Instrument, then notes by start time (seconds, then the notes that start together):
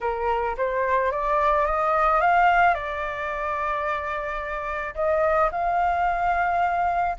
flute
0.01 A#4
0.57 C5
1.11 D5
1.66 D#5
2.20 F5
2.74 D5
4.94 D#5
5.51 F5